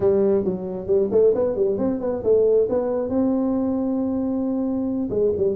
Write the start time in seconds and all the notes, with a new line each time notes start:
0.00 G3
0.44 F#3
0.86 G3
1.11 A3
1.34 B3
1.55 G3
1.78 C4
2.00 B3
2.23 A3
2.69 B3
3.09 C4
5.10 G#3
5.37 G3